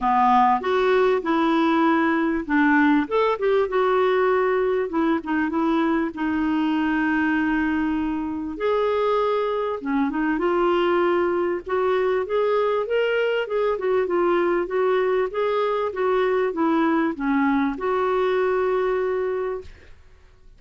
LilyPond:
\new Staff \with { instrumentName = "clarinet" } { \time 4/4 \tempo 4 = 98 b4 fis'4 e'2 | d'4 a'8 g'8 fis'2 | e'8 dis'8 e'4 dis'2~ | dis'2 gis'2 |
cis'8 dis'8 f'2 fis'4 | gis'4 ais'4 gis'8 fis'8 f'4 | fis'4 gis'4 fis'4 e'4 | cis'4 fis'2. | }